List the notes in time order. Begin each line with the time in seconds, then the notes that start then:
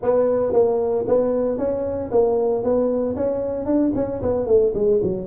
0.02 B3
0.52 A#3
1.07 B3
1.57 C#4
2.11 A#3
2.63 B3
3.16 C#4
3.65 D4
3.95 C#4
4.22 B3
4.46 A3
4.74 G#3
5.02 F#3